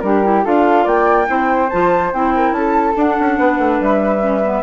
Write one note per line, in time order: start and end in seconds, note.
0.00 0.44 G3
0.00 0.23 D4
0.00 0.45 G4
0.00 0.42 A#4
0.23 0.44 E4
0.44 0.86 D4
0.44 1.26 F4
0.44 0.84 A4
0.44 0.87 F5
0.84 1.28 A#3
0.84 1.26 D5
0.84 1.69 G5
1.26 1.70 C4
1.26 1.68 E4
1.26 2.34 C5
1.69 2.13 F3
1.69 2.13 F4
1.69 2.11 A5
2.13 2.51 C4
2.13 2.95 E4
2.13 2.53 G5
2.35 2.56 A#4
2.51 2.93 C#4
2.51 2.95 A5
2.57 3.38 A4
2.95 4.20 D4
2.95 3.17 D4
2.95 3.82 F#5
3.20 3.38 C#4
3.38 3.59 B3
3.38 4.62 B4
3.59 3.80 A3
3.80 4.62 G3
3.80 4.62 E5
4.20 4.41 C#4
4.43 4.62 B3